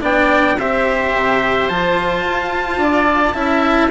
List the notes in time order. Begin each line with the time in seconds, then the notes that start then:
0.00 B3 D4 D5 G5
0.57 C4 G4 C5 E5
1.15 C3
1.68 F3 F4 A5
2.24 F4
2.77 D4 D5
3.33 C#4 E4 E5